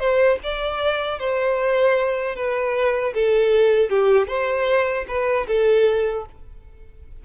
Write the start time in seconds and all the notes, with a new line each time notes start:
0.00 C5
0.44 D5
1.20 C5
2.36 B4
3.14 A4
3.90 G4
4.28 C5
5.08 B4
5.48 A4